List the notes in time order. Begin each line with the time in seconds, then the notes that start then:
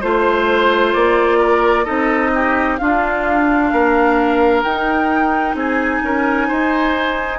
0.00 A3 F4 C5
0.93 A#3 D5
1.38 A#4
1.84 C4 D#4 A4 D#5
2.34 G4
2.78 D4 F4 F5
3.72 A#3 A#4
4.63 D#4 G5
5.54 C4 G#4 G#5
6.02 C#4 A#4
6.47 D#4 C5